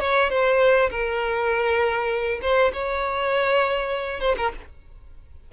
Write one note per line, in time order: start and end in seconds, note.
0.00 0.30 C#5
0.30 0.90 C5
0.91 2.41 A#4
2.42 2.72 C5
2.73 4.21 C#5
4.21 4.36 C5
4.37 4.52 A#4